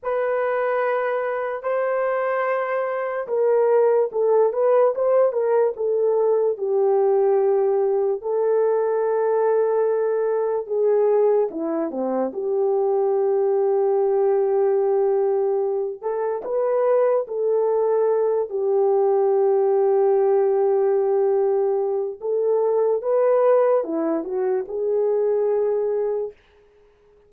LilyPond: \new Staff \with { instrumentName = "horn" } { \time 4/4 \tempo 4 = 73 b'2 c''2 | ais'4 a'8 b'8 c''8 ais'8 a'4 | g'2 a'2~ | a'4 gis'4 e'8 c'8 g'4~ |
g'2.~ g'8 a'8 | b'4 a'4. g'4.~ | g'2. a'4 | b'4 e'8 fis'8 gis'2 | }